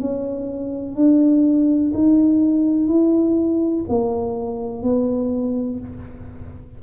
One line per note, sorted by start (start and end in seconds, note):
0.00 0.95 C#4
0.95 1.92 D4
1.93 2.87 D#4
2.87 3.84 E4
3.88 4.82 A#3
4.82 5.79 B3